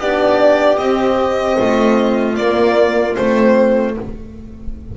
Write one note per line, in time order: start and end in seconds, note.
0.00 0.78 B3
0.00 0.80 D4
0.00 1.58 G4
0.00 0.78 D5
0.78 1.57 C4
0.78 2.37 C4
0.78 2.36 D#5
1.59 2.38 A3
1.59 3.96 F4
2.36 3.16 A#3
2.36 3.17 A#3
2.36 3.15 D5
3.16 3.97 A3
3.16 3.96 C4
3.16 3.95 C5